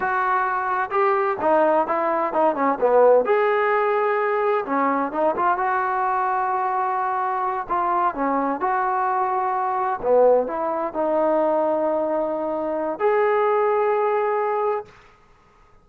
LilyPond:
\new Staff \with { instrumentName = "trombone" } { \time 4/4 \tempo 4 = 129 fis'2 g'4 dis'4 | e'4 dis'8 cis'8 b4 gis'4~ | gis'2 cis'4 dis'8 f'8 | fis'1~ |
fis'8 f'4 cis'4 fis'4.~ | fis'4. b4 e'4 dis'8~ | dis'1 | gis'1 | }